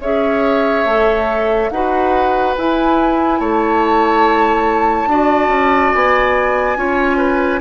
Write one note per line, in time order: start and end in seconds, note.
0.00 0.85 C#4
0.00 0.87 G#4
0.00 1.70 C#5
0.00 1.70 E5
0.85 1.70 A3
0.85 1.71 A4
1.70 2.55 D#4
1.70 2.58 F#4
1.70 3.40 B4
1.70 2.55 F#5
2.57 3.40 E4
2.57 5.10 E4
2.57 3.41 G#5
3.40 5.07 A3
3.40 5.09 C#5
3.40 5.93 A5
5.07 5.48 D4
5.07 6.77 F#4
5.07 6.78 D5
5.48 5.90 C#4
5.93 6.77 B3
5.93 7.61 G#5
6.77 7.61 C#4
6.77 7.61 F4
6.77 7.17 C#5
7.17 7.60 B4